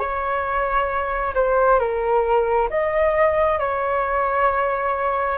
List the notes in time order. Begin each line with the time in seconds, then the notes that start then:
0.00 C#5
1.35 C5
1.80 A#4
2.70 D#5
3.59 C#5